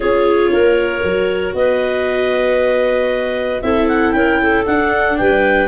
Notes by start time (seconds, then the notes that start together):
0.00 C#4 F4 G#4 C#5
0.51 A#3 A#4
1.03 F#3 F#4
1.54 B3 B4 D#5
3.61 C4 E4 A4 E5
3.88 F#5
4.11 C#4 A#4 G5
4.41 A4
4.65 D4 F#5
5.17 G3 B4 G5